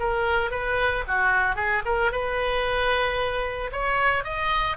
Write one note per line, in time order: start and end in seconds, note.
0.00 0.51 A#4
0.51 1.04 B4
1.08 1.56 F#4
1.56 1.83 G#4
1.85 2.12 A#4
2.12 3.71 B4
3.72 4.24 C#5
4.24 4.77 D#5